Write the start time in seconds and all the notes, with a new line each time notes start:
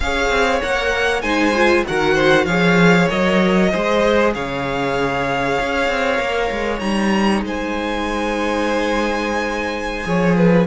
0.00 C#4 G#4 C#5 F5
0.30 C4
0.61 A#3 A#4 F#5
1.21 G#3 D#4 C5 G#5
1.55 F4
1.87 D#3 F#4 A#4 F#5
2.13 C5
2.45 F3 G#4 C#5 F5
3.09 F#3 A#4 D#5
3.71 G#3 G#4 C5
4.34 C#3 C#5 F5
5.60 C#4
5.88 C4
6.16 A#3 A#4
6.51 G#3
6.79 G3 D#4 A#5
7.41 G#3 C5 G#5
10.03 F3 G#4 C#5
10.36 B4